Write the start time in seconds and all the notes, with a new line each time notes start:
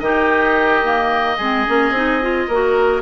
0.00 D#3 D#4 G4 D#5
0.83 A#3
1.37 G#3 C4 G#4
1.67 A#3 C#4
1.91 C4 D#4
2.22 F4
2.48 A#3 F#4 A#4